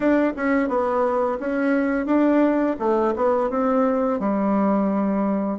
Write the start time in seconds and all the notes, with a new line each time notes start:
0.00 D4
0.36 C#4
0.68 B3
1.40 C#4
2.06 D4
2.79 A3
3.16 B3
3.49 C4
4.19 G3